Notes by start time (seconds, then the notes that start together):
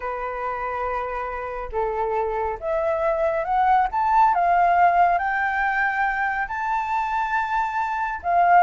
0.00 B4
1.72 A4
2.60 E5
3.44 F#5
3.91 A5
4.34 F5
5.18 G5
6.48 A5
8.22 F5